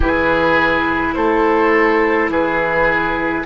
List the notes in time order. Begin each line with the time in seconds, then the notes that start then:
0.00 E3 E4 G#4 B4
1.14 A3 A4 C5
2.29 E3 G#4 B4